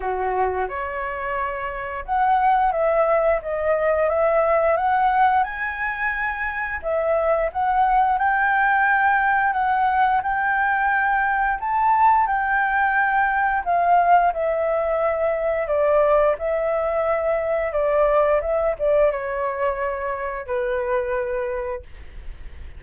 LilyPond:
\new Staff \with { instrumentName = "flute" } { \time 4/4 \tempo 4 = 88 fis'4 cis''2 fis''4 | e''4 dis''4 e''4 fis''4 | gis''2 e''4 fis''4 | g''2 fis''4 g''4~ |
g''4 a''4 g''2 | f''4 e''2 d''4 | e''2 d''4 e''8 d''8 | cis''2 b'2 | }